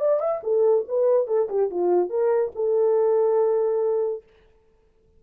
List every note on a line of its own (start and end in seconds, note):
0.00 0.20 D5
0.20 0.41 E5
0.43 0.85 A4
0.88 1.27 B4
1.27 1.48 A4
1.49 1.70 G4
1.71 2.10 F4
2.10 2.52 A#4
2.55 4.23 A4